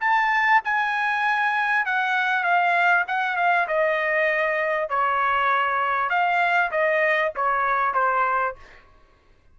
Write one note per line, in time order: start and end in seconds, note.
0.00 0.61 A5
0.64 1.85 G#5
1.85 2.43 F#5
2.43 3.04 F5
3.07 3.36 F#5
3.36 3.67 F5
3.67 4.89 D#5
4.89 6.09 C#5
6.09 6.70 F5
6.71 7.32 D#5
7.35 7.94 C#5
7.94 8.55 C5